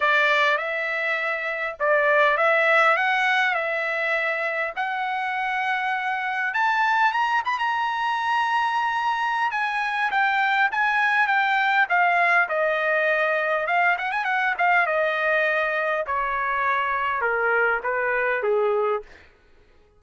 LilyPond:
\new Staff \with { instrumentName = "trumpet" } { \time 4/4 \tempo 4 = 101 d''4 e''2 d''4 | e''4 fis''4 e''2 | fis''2. a''4 | ais''8 b''16 ais''2.~ ais''16 |
gis''4 g''4 gis''4 g''4 | f''4 dis''2 f''8 fis''16 gis''16 | fis''8 f''8 dis''2 cis''4~ | cis''4 ais'4 b'4 gis'4 | }